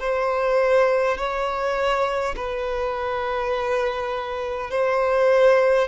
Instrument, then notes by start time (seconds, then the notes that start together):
violin
0.00 C5
1.18 C#5
2.36 B4
4.71 C5